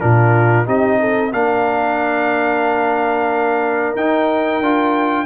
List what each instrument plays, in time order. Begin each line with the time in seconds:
0.00 tuba A#2, trombone D4, horn F4, trumpet A#4
0.66 tuba C4, trombone D#4, horn G4, trumpet D#5
1.00 horn A4
1.32 tuba A#3, trombone D4, horn A#4, trumpet F5
3.95 tuba D#4, trombone D#4, trumpet G5
4.61 tuba D4, trombone F4